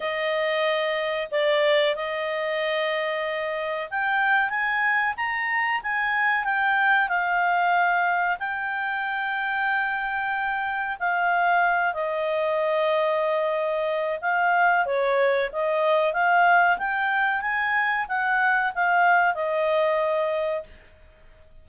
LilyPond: \new Staff \with { instrumentName = "clarinet" } { \time 4/4 \tempo 4 = 93 dis''2 d''4 dis''4~ | dis''2 g''4 gis''4 | ais''4 gis''4 g''4 f''4~ | f''4 g''2.~ |
g''4 f''4. dis''4.~ | dis''2 f''4 cis''4 | dis''4 f''4 g''4 gis''4 | fis''4 f''4 dis''2 | }